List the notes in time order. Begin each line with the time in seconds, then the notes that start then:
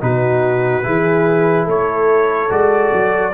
0.00 B2 D#4 F#4 B4
0.83 E3 E4 G#4
1.65 A3 A4 C#5
2.49 G#3 F#4 D5
2.93 F#3